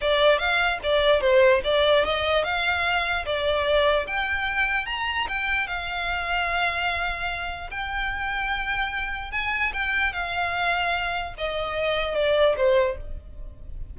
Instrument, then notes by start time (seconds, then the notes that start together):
violin
0.01 D5
0.38 F5
0.83 D5
1.21 C5
1.64 D5
2.04 D#5
2.44 F5
3.25 D5
4.06 G5
4.86 A#5
5.28 G5
5.67 F5
7.70 G5
9.31 G#5
9.73 G5
10.12 F5
11.37 D#5
12.15 D5
12.56 C5